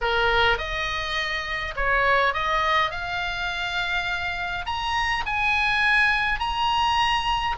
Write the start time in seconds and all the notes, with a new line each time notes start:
0.01 A#4
0.57 D#5
1.76 C#5
2.33 D#5
2.90 F5
4.65 A#5
5.26 G#5
6.39 A#5